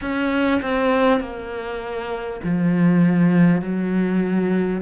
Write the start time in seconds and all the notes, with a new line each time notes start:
0.01 C#4
0.62 C4
1.20 A#3
2.43 F3
3.61 F#3